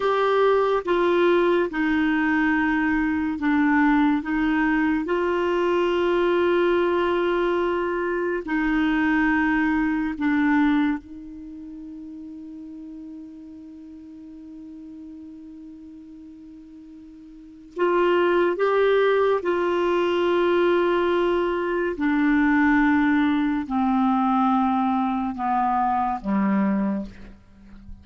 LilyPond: \new Staff \with { instrumentName = "clarinet" } { \time 4/4 \tempo 4 = 71 g'4 f'4 dis'2 | d'4 dis'4 f'2~ | f'2 dis'2 | d'4 dis'2.~ |
dis'1~ | dis'4 f'4 g'4 f'4~ | f'2 d'2 | c'2 b4 g4 | }